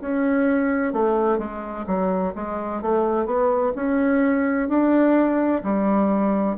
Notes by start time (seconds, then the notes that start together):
0.00 C#4
0.92 A3
1.38 G#3
1.86 F#3
2.35 G#3
2.82 A3
3.26 B3
3.75 C#4
4.68 D4
5.63 G3